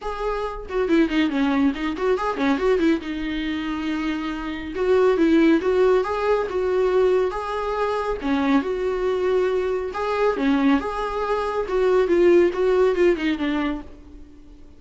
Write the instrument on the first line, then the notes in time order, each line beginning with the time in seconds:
viola
0.01 G#4
0.69 F#4
0.88 E4
1.09 D#4
1.29 C#4
1.75 D#4
1.96 F#4
2.17 G#4
2.37 C#4
2.58 F#4
2.78 E4
3.00 D#4
4.75 F#4
5.17 E4
5.61 F#4
6.04 G#4
6.49 F#4
7.31 G#4
8.21 C#4
8.62 F#4
9.93 G#4
10.37 C#4
10.80 G#4
11.68 F#4
12.07 F4
12.53 F#4
12.95 F4
13.16 D#4
13.38 D4